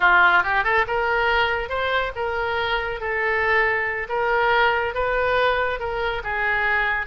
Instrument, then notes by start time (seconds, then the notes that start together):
oboe
0.00 F4
0.43 G4
0.64 A4
0.87 A#4
1.69 C5
2.15 A#4
3.00 A4
4.08 A#4
4.94 B4
5.79 A#4
6.23 G#4